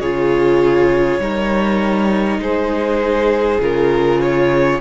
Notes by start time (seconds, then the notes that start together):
0.00 C#3 F4 G#4 C#5
1.19 G3 D#4 A#4
2.39 G#3 G#4 C5
3.60 C#3 F4 A#4
4.21 C#5